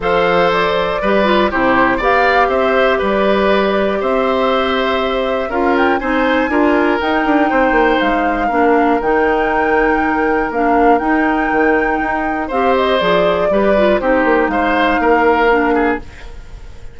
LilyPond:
<<
  \new Staff \with { instrumentName = "flute" } { \time 4/4 \tempo 4 = 120 f''4 d''2 c''4 | f''4 e''4 d''2 | e''2. f''8 g''8 | gis''2 g''2 |
f''2 g''2~ | g''4 f''4 g''2~ | g''4 f''8 dis''8 d''2 | c''4 f''2. | }
  \new Staff \with { instrumentName = "oboe" } { \time 4/4 c''2 b'4 g'4 | d''4 c''4 b'2 | c''2. ais'4 | c''4 ais'2 c''4~ |
c''4 ais'2.~ | ais'1~ | ais'4 c''2 b'4 | g'4 c''4 ais'4. gis'8 | }
  \new Staff \with { instrumentName = "clarinet" } { \time 4/4 a'2 g'8 f'8 e'4 | g'1~ | g'2. f'4 | dis'4 f'4 dis'2~ |
dis'4 d'4 dis'2~ | dis'4 d'4 dis'2~ | dis'4 g'4 gis'4 g'8 f'8 | dis'2. d'4 | }
  \new Staff \with { instrumentName = "bassoon" } { \time 4/4 f2 g4 c4 | b4 c'4 g2 | c'2. cis'4 | c'4 d'4 dis'8 d'8 c'8 ais8 |
gis4 ais4 dis2~ | dis4 ais4 dis'4 dis4 | dis'4 c'4 f4 g4 | c'8 ais8 gis4 ais2 | }
>>